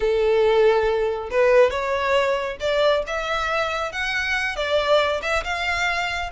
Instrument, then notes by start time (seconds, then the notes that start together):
violin
0.00 A4
1.30 B4
1.70 C#5
2.59 D5
3.07 E5
3.92 F#5
4.56 D5
5.22 E5
5.43 F5